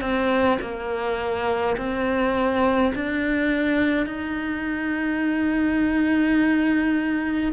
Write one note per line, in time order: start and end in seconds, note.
0.00 0.58 C4
0.60 1.76 A#3
1.77 2.92 C4
2.94 4.06 D4
4.06 7.52 D#4